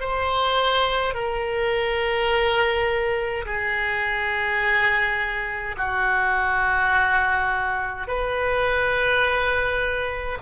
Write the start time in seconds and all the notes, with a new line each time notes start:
0.00 C5
1.14 A#4
3.46 G#4
5.77 F#4
8.08 B4